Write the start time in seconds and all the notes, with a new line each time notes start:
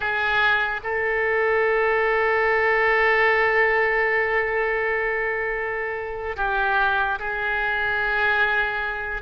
0.00 G#4
0.83 A4
6.36 G4
7.19 G#4